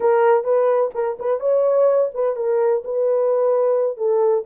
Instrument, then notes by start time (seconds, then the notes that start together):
horn
0.00 A#4
0.44 B4
0.94 A#4
1.19 B4
1.40 C#5
2.13 B4
2.36 A#4
2.84 B4
3.97 A4